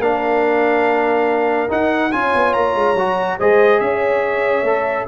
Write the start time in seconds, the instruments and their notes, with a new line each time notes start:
0.00 tuba A#3, trombone D4, horn A#4, trumpet F5
1.69 trombone D#4, tuba D#4, trumpet F#5
2.12 tuba C#4, trombone F4, horn C#5, trumpet G#5
2.35 tuba B3
2.54 tuba A#3, trumpet A#5
2.76 tuba G#3
2.95 tuba F#3, trombone F#4
3.39 tuba G#3, trombone G#4, horn C5, trumpet D#5
3.81 tuba C#4, horn C#5, trumpet E5
4.64 tuba A3, trombone A4